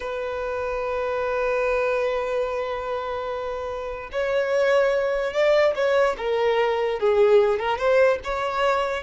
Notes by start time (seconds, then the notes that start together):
0.00 B4
4.12 C#5
5.33 D5
5.75 C#5
6.17 A#4
6.99 G#4
7.59 A#4
7.78 C5
8.24 C#5